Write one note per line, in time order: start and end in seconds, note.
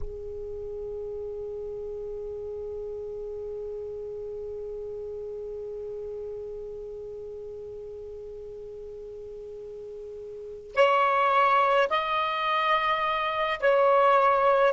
0.00 10.75 G#4
10.75 11.88 C#5
11.89 13.59 D#5
13.60 14.72 C#5